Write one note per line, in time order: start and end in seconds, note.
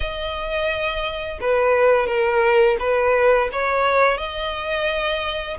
0.00 1.38 D#5
1.40 2.06 B4
2.06 2.76 A#4
2.79 3.49 B4
3.52 4.17 C#5
4.17 5.57 D#5